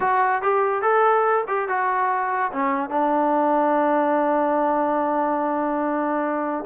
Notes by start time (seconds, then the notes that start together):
0.00 F#4
0.42 G4
0.82 A4
1.47 G4
1.68 F#4
2.52 C#4
2.90 D4